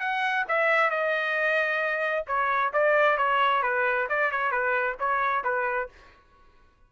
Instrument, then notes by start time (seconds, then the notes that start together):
trumpet
0.00 F#5
0.48 E5
0.90 D#5
2.27 C#5
2.73 D5
3.18 C#5
3.63 B4
4.09 D5
4.31 C#5
4.51 B4
5.00 C#5
5.44 B4